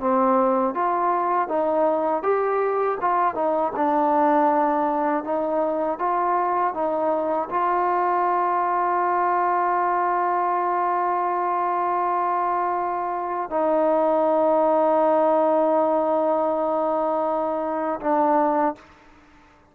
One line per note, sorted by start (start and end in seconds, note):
0.00 0.75 C4
0.75 1.49 F4
1.49 2.23 D#4
2.23 2.98 G4
3.01 3.35 F4
3.35 3.73 D#4
3.76 5.24 D4
5.24 5.99 D#4
5.99 6.74 F4
6.74 7.49 D#4
7.50 13.50 F4
13.50 18.00 D#4
18.01 18.76 D4